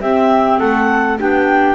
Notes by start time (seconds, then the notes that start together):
0.00 C4 G4 E5
0.59 A3 A4 F#5
1.18 B3 D4 G4 G5